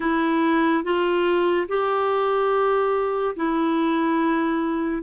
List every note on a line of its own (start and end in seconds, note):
0.00 0.83 E4
0.83 1.67 F4
1.68 3.35 G4
3.36 5.02 E4